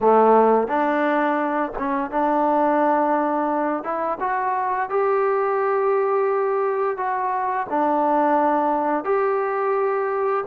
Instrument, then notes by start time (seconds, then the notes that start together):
trombone
0.01 A3
0.67 D4
1.78 C#4
2.10 D4
3.83 E4
4.20 F#4
4.89 G4
6.97 F#4
7.69 D4
9.04 G4